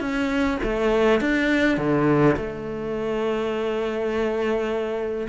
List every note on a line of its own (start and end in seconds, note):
0.00 0.58 C#4
0.63 1.21 A3
1.21 1.77 D4
1.77 2.36 D3
2.36 5.28 A3